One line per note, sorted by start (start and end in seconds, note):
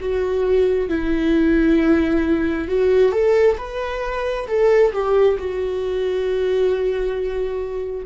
0.00 0.89 F#4
0.89 2.68 E4
2.68 3.12 F#4
3.12 3.57 A4
3.58 4.47 B4
4.47 4.92 A4
4.93 5.38 G4
5.38 8.06 F#4